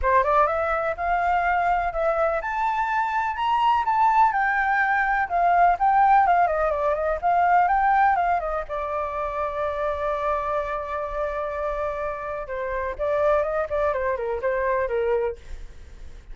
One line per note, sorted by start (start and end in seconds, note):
0.02 0.23 C5
0.23 0.47 D5
0.47 0.95 E5
0.96 1.92 F5
1.92 2.40 E5
2.41 3.36 A5
3.36 3.84 A#5
3.85 4.32 A5
4.32 5.28 G5
5.28 5.76 F5
5.79 6.26 G5
6.26 6.47 F5
6.47 6.70 D#5
6.70 6.94 D5
6.94 7.18 D#5
7.21 7.68 F5
7.68 8.16 G5
8.16 8.40 F5
8.40 8.64 D#5
8.68 12.47 D5
12.47 12.95 C5
12.98 13.43 D5
13.43 13.67 D#5
13.69 13.93 D5
13.93 14.16 C5
14.16 14.40 A#4
14.41 14.88 C5
14.88 15.36 A#4